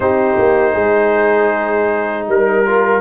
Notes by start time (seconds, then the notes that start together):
0.00 C4 D#4 G4 C5
0.38 A#3
0.72 G#3 G#4
2.27 G3 A#4
2.65 F4